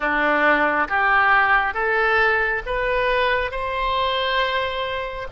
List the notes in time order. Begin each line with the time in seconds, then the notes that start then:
0.00 D4
0.88 G4
1.74 A4
2.66 B4
3.51 C5